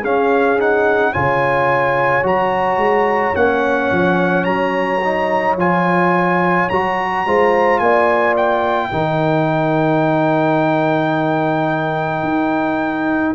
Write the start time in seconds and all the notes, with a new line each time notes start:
0.00 C#4 G#4 F5
0.58 D#4 F#5
1.12 C#3 F4 C#5 G#5
2.22 F#3 F#4 A#5
2.76 G#3
3.34 A#3 C#4 F#5
3.91 F3
4.44 F#3 A#5
5.04 D#4
5.56 F3 F4 G#5
6.69 F#3 F#4 A#5
7.25 G#3 F4 C5
7.79 A#3 D5 G#5
8.36 G5
8.90 D#3 D#4 A#4
12.23 D#4